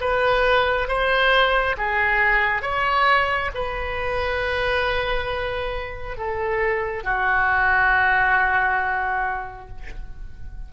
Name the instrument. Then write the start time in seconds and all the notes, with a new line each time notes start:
oboe
0.00 B4
0.88 C5
1.77 G#4
2.62 C#5
3.55 B4
6.17 A4
7.03 F#4